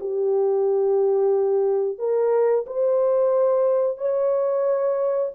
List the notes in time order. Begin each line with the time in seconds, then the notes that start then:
0.00 G4
1.98 A#4
2.67 C5
3.98 C#5